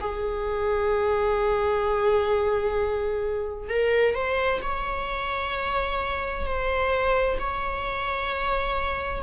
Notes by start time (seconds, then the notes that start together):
0.00 G#4
3.68 A#4
4.15 C5
4.61 C#5
6.45 C5
7.39 C#5